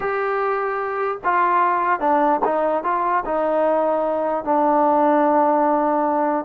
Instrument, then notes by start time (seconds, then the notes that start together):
trombone
0.00 G4
1.23 F4
2.00 D4
2.44 D#4
2.83 F4
3.25 D#4
4.44 D4